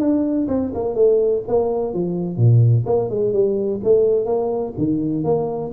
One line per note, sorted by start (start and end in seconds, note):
0.00 0.48 D4
0.48 0.72 C4
0.74 0.95 A#3
0.95 1.43 A3
1.48 1.94 A#3
1.94 2.37 F3
2.37 2.85 A#2
2.86 3.10 A#3
3.10 3.33 G#3
3.33 3.81 G3
3.84 4.26 A3
4.26 4.74 A#3
4.78 5.24 D#3
5.24 5.72 A#3